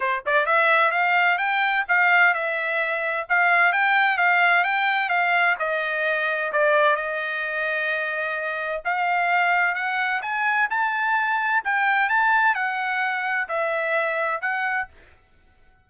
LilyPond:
\new Staff \with { instrumentName = "trumpet" } { \time 4/4 \tempo 4 = 129 c''8 d''8 e''4 f''4 g''4 | f''4 e''2 f''4 | g''4 f''4 g''4 f''4 | dis''2 d''4 dis''4~ |
dis''2. f''4~ | f''4 fis''4 gis''4 a''4~ | a''4 g''4 a''4 fis''4~ | fis''4 e''2 fis''4 | }